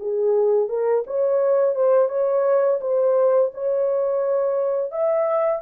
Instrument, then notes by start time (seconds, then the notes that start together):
horn
0.00 G#4
0.69 A#4
1.07 C#5
1.76 C5
2.09 C#5
2.81 C5
3.54 C#5
4.92 E5